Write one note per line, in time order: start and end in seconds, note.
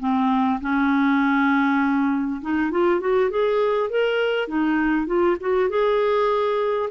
0.00 0.60 C4
0.61 2.41 C#4
2.42 2.71 D#4
2.71 3.01 F4
3.01 3.31 F#4
3.31 3.90 G#4
3.90 4.48 A#4
4.48 5.07 D#4
5.07 5.37 F4
5.41 5.70 F#4
5.70 6.90 G#4